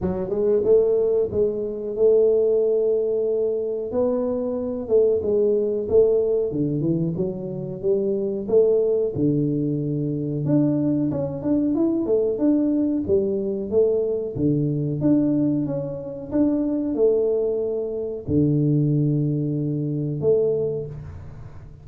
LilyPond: \new Staff \with { instrumentName = "tuba" } { \time 4/4 \tempo 4 = 92 fis8 gis8 a4 gis4 a4~ | a2 b4. a8 | gis4 a4 d8 e8 fis4 | g4 a4 d2 |
d'4 cis'8 d'8 e'8 a8 d'4 | g4 a4 d4 d'4 | cis'4 d'4 a2 | d2. a4 | }